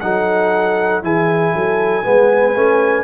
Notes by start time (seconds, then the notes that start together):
0.00 F#3 D#4 A4 F#5
1.03 E3 E4 G#4 G#5
1.54 F#3 A4
2.03 G#3 B3 B4
2.56 A3 C#4